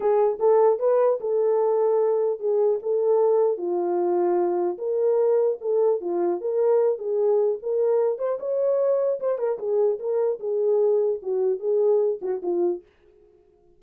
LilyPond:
\new Staff \with { instrumentName = "horn" } { \time 4/4 \tempo 4 = 150 gis'4 a'4 b'4 a'4~ | a'2 gis'4 a'4~ | a'4 f'2. | ais'2 a'4 f'4 |
ais'4. gis'4. ais'4~ | ais'8 c''8 cis''2 c''8 ais'8 | gis'4 ais'4 gis'2 | fis'4 gis'4. fis'8 f'4 | }